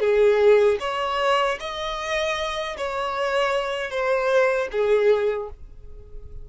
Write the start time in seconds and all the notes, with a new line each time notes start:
0.00 G#4
0.80 C#5
1.60 D#5
2.77 C#5
3.90 C5
4.71 G#4